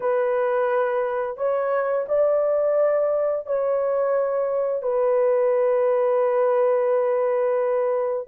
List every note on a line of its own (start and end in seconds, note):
0.00 1.37 B4
1.37 2.06 C#5
2.08 3.46 D5
3.46 4.82 C#5
4.82 8.27 B4